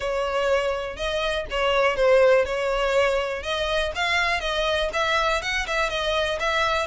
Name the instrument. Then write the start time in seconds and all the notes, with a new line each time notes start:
violin
0.00 C#5
0.96 D#5
1.50 C#5
1.96 C5
2.45 C#5
3.42 D#5
3.95 F5
4.40 D#5
4.93 E5
5.41 F#5
5.66 E5
5.89 D#5
6.39 E5